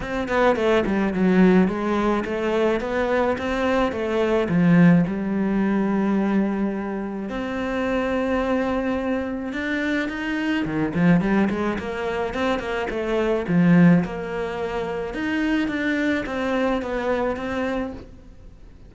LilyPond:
\new Staff \with { instrumentName = "cello" } { \time 4/4 \tempo 4 = 107 c'8 b8 a8 g8 fis4 gis4 | a4 b4 c'4 a4 | f4 g2.~ | g4 c'2.~ |
c'4 d'4 dis'4 dis8 f8 | g8 gis8 ais4 c'8 ais8 a4 | f4 ais2 dis'4 | d'4 c'4 b4 c'4 | }